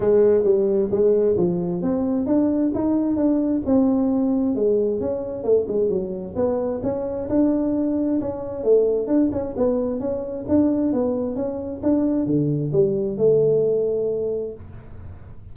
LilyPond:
\new Staff \with { instrumentName = "tuba" } { \time 4/4 \tempo 4 = 132 gis4 g4 gis4 f4 | c'4 d'4 dis'4 d'4 | c'2 gis4 cis'4 | a8 gis8 fis4 b4 cis'4 |
d'2 cis'4 a4 | d'8 cis'8 b4 cis'4 d'4 | b4 cis'4 d'4 d4 | g4 a2. | }